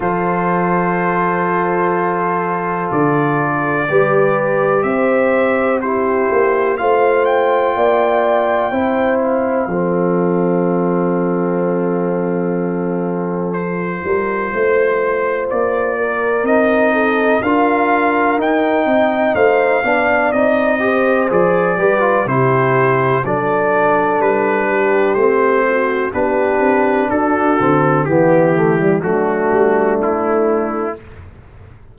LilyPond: <<
  \new Staff \with { instrumentName = "trumpet" } { \time 4/4 \tempo 4 = 62 c''2. d''4~ | d''4 e''4 c''4 f''8 g''8~ | g''4. f''2~ f''8~ | f''2 c''2 |
d''4 dis''4 f''4 g''4 | f''4 dis''4 d''4 c''4 | d''4 b'4 c''4 b'4 | a'4 g'4 fis'4 e'4 | }
  \new Staff \with { instrumentName = "horn" } { \time 4/4 a'1 | b'4 c''4 g'4 c''4 | d''4 c''4 a'2~ | a'2~ a'8 ais'8 c''4~ |
c''8 ais'4 a'8 ais'4. dis''8 | c''8 d''4 c''4 b'8 g'4 | a'4. g'4 fis'8 g'4 | fis'4 e'4 d'2 | }
  \new Staff \with { instrumentName = "trombone" } { \time 4/4 f'1 | g'2 e'4 f'4~ | f'4 e'4 c'2~ | c'2 f'2~ |
f'4 dis'4 f'4 dis'4~ | dis'8 d'8 dis'8 g'8 gis'8 g'16 f'16 e'4 | d'2 c'4 d'4~ | d'8 c'8 b8 a16 g16 a2 | }
  \new Staff \with { instrumentName = "tuba" } { \time 4/4 f2. d4 | g4 c'4. ais8 a4 | ais4 c'4 f2~ | f2~ f8 g8 a4 |
ais4 c'4 d'4 dis'8 c'8 | a8 b8 c'4 f8 g8 c4 | fis4 g4 a4 b8 c'8 | d'8 d8 e4 fis8 g8 a4 | }
>>